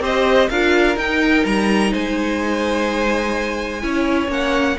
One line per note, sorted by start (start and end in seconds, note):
0.00 0.48 C4
0.00 0.49 G4
0.00 0.49 C5
0.00 0.49 D#5
0.49 0.96 D4
0.49 0.97 F4
0.49 1.91 A#4
0.49 0.97 F5
0.96 1.44 D#4
0.96 3.82 D#4
0.96 1.46 G5
1.45 1.93 G3
1.45 1.93 A#5
1.91 3.83 G#3
1.91 3.82 C5
1.91 4.31 G#5
3.82 4.28 C#4
3.82 4.28 E4
3.82 4.78 C#5
4.28 4.75 A#3
4.28 4.76 C#4
4.28 4.79 F#5